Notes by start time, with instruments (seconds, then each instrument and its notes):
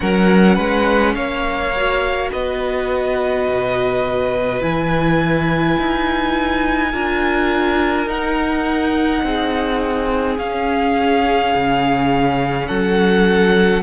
0.00 cello F#3, viola C#4, violin A#4 F#5
0.55 cello G#3, violin B4
1.14 cello A#3, violin C#5 F5
1.76 viola F#4
2.32 cello B3, violin B4 D#5
3.48 cello B2
4.60 cello E3, viola E4, violin G#5
5.78 cello D#4
6.91 cello D4, viola F4, violin A#4
8.06 cello D#4, viola D#4, violin F#5
9.23 cello C4, violin G#4
10.37 cello C#4, viola C#4, violin F5
11.54 cello C#3
12.67 cello F#3, violin A4 F#5